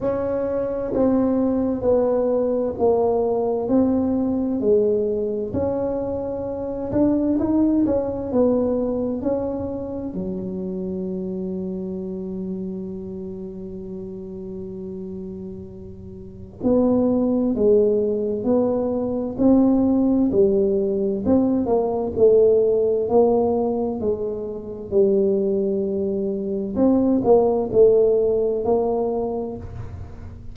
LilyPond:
\new Staff \with { instrumentName = "tuba" } { \time 4/4 \tempo 4 = 65 cis'4 c'4 b4 ais4 | c'4 gis4 cis'4. d'8 | dis'8 cis'8 b4 cis'4 fis4~ | fis1~ |
fis2 b4 gis4 | b4 c'4 g4 c'8 ais8 | a4 ais4 gis4 g4~ | g4 c'8 ais8 a4 ais4 | }